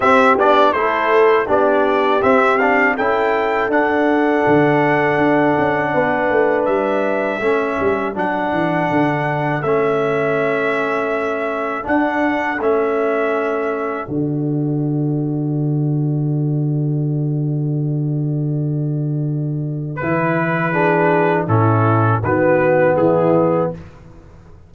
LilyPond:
<<
  \new Staff \with { instrumentName = "trumpet" } { \time 4/4 \tempo 4 = 81 e''8 d''8 c''4 d''4 e''8 f''8 | g''4 fis''2.~ | fis''4 e''2 fis''4~ | fis''4 e''2. |
fis''4 e''2 d''4~ | d''1~ | d''2. b'4~ | b'4 a'4 b'4 gis'4 | }
  \new Staff \with { instrumentName = "horn" } { \time 4/4 g'4 a'4 g'2 | a'1 | b'2 a'2~ | a'1~ |
a'1~ | a'1~ | a'1 | gis'4 e'4 fis'4 e'4 | }
  \new Staff \with { instrumentName = "trombone" } { \time 4/4 c'8 d'8 e'4 d'4 c'8 d'8 | e'4 d'2.~ | d'2 cis'4 d'4~ | d'4 cis'2. |
d'4 cis'2 fis'4~ | fis'1~ | fis'2. e'4 | d'4 cis'4 b2 | }
  \new Staff \with { instrumentName = "tuba" } { \time 4/4 c'8 b8 a4 b4 c'4 | cis'4 d'4 d4 d'8 cis'8 | b8 a8 g4 a8 g8 fis8 e8 | d4 a2. |
d'4 a2 d4~ | d1~ | d2. e4~ | e4 a,4 dis4 e4 | }
>>